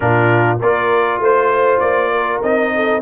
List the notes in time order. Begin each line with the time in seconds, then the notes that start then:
0.00 A#2 D4 F4 A#4
0.60 A#3 F4 A#4 D5
1.19 A3 C5
1.79 A#3 D5
2.11 A#4
2.42 C4 D#4 D#5
2.75 A4